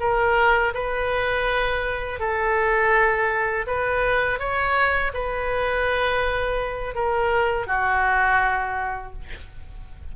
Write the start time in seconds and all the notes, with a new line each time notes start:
0.00 A#4
0.74 B4
2.20 A4
3.67 B4
4.39 C#5
5.14 B4
6.95 A#4
7.67 F#4